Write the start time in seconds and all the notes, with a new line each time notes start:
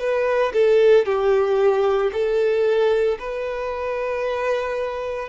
0.00 B4
0.53 A4
1.06 G4
2.13 A4
3.20 B4